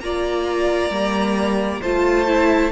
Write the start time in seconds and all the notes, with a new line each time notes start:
0.00 A#3 F4 D5 A#5
0.89 G3 A#3
1.81 A3 F4 C5 A5
2.27 E4